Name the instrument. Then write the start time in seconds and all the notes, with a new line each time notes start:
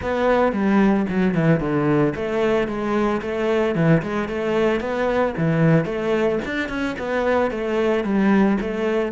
cello
0.02 B3
0.52 G3
1.09 F#3
1.34 E3
1.59 D3
2.15 A3
2.67 G#3
3.21 A3
3.75 E3
4.02 G#3
4.28 A3
4.80 B3
5.37 E3
5.85 A3
6.45 D4
6.68 C#4
6.98 B3
7.50 A3
8.04 G3
8.60 A3